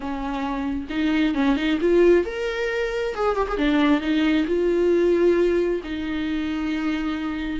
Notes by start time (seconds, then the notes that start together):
0.00 C#4
0.89 D#4
1.34 C#4
1.56 D#4
1.81 F4
2.25 A#4
3.14 G#4
3.36 G4
3.48 G#4
3.57 D4
4.00 D#4
4.46 F4
5.83 D#4